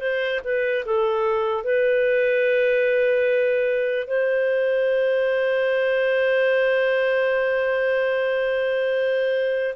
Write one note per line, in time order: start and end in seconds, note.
0.00 0.41 C5
0.44 0.85 B4
0.86 1.64 A4
1.64 4.07 B4
4.07 9.75 C5